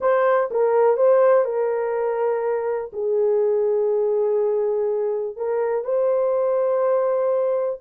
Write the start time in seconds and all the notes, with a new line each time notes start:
0.00 C5
0.50 A#4
0.96 C5
1.44 A#4
2.93 G#4
5.36 A#4
5.84 C5